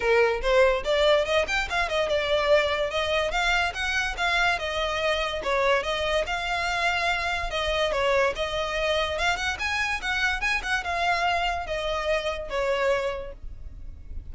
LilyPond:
\new Staff \with { instrumentName = "violin" } { \time 4/4 \tempo 4 = 144 ais'4 c''4 d''4 dis''8 g''8 | f''8 dis''8 d''2 dis''4 | f''4 fis''4 f''4 dis''4~ | dis''4 cis''4 dis''4 f''4~ |
f''2 dis''4 cis''4 | dis''2 f''8 fis''8 gis''4 | fis''4 gis''8 fis''8 f''2 | dis''2 cis''2 | }